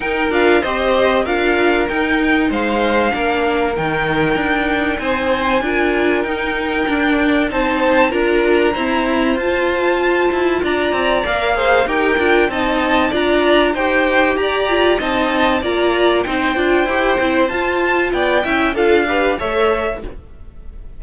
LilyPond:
<<
  \new Staff \with { instrumentName = "violin" } { \time 4/4 \tempo 4 = 96 g''8 f''8 dis''4 f''4 g''4 | f''2 g''2 | gis''2 g''2 | a''4 ais''2 a''4~ |
a''4 ais''4 f''4 g''4 | a''4 ais''4 g''4 ais''4 | a''4 ais''4 g''2 | a''4 g''4 f''4 e''4 | }
  \new Staff \with { instrumentName = "violin" } { \time 4/4 ais'4 c''4 ais'2 | c''4 ais'2. | c''4 ais'2. | c''4 ais'4 c''2~ |
c''4 d''4. c''8 ais'4 | dis''4 d''4 c''4 d''4 | dis''4 d''4 c''2~ | c''4 d''8 e''8 a'8 b'8 cis''4 | }
  \new Staff \with { instrumentName = "viola" } { \time 4/4 dis'8 f'8 g'4 f'4 dis'4~ | dis'4 d'4 dis'2~ | dis'4 f'4 dis'4 d'4 | dis'4 f'4 c'4 f'4~ |
f'2 ais'8 gis'8 g'8 f'8 | dis'4 f'4 g'4. f'8 | dis'4 f'4 dis'8 f'8 g'8 e'8 | f'4. e'8 f'8 g'8 a'4 | }
  \new Staff \with { instrumentName = "cello" } { \time 4/4 dis'8 d'8 c'4 d'4 dis'4 | gis4 ais4 dis4 d'4 | c'4 d'4 dis'4 d'4 | c'4 d'4 e'4 f'4~ |
f'8 e'8 d'8 c'8 ais4 dis'8 d'8 | c'4 d'4 dis'4 g'4 | c'4 ais4 c'8 d'8 e'8 c'8 | f'4 b8 cis'8 d'4 a4 | }
>>